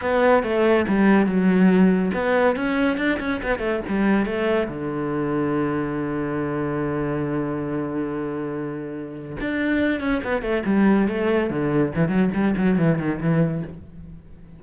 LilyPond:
\new Staff \with { instrumentName = "cello" } { \time 4/4 \tempo 4 = 141 b4 a4 g4 fis4~ | fis4 b4 cis'4 d'8 cis'8 | b8 a8 g4 a4 d4~ | d1~ |
d1~ | d2 d'4. cis'8 | b8 a8 g4 a4 d4 | e8 fis8 g8 fis8 e8 dis8 e4 | }